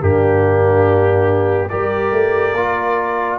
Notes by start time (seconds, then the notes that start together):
0.00 G2 A#3 D4 G4
1.69 G3 G4 A#4 D5
2.12 A3
2.53 A#3 F4